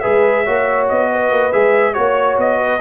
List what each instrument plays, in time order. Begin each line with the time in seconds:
0.00 tuba G#3, trombone G#4, horn B4, trumpet E5
0.45 tuba A#3, trombone F#4, horn C#5
0.89 tuba B3, trumpet D#5
1.12 horn B4
1.31 tuba A#3
1.52 tuba G#3, trombone G#4, trumpet E5
1.94 tuba A#3, trombone F#4, trumpet C#5, horn C#5
2.38 tuba B3, trumpet D#5
2.59 horn B4